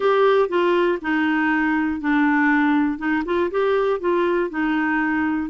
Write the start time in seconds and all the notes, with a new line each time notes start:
0.00 G4
0.48 F4
1.01 D#4
2.00 D4
2.98 D#4
3.25 F4
3.50 G4
4.00 F4
4.50 D#4